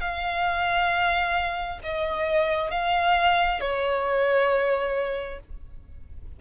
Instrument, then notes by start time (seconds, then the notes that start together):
violin
0.00 F5
1.83 D#5
2.71 F5
3.60 C#5